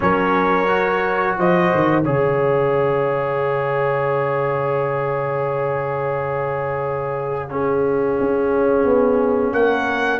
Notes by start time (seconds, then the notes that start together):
0.00 F#3 C#4 A#4 C#5
0.67 F#4
1.37 F3 C5 D#5
1.74 D#3
2.03 C#3 G#4 C#5 F5
7.49 C#4 G#4
8.20 C#4
8.84 B3
9.52 A#3 A#4 F#5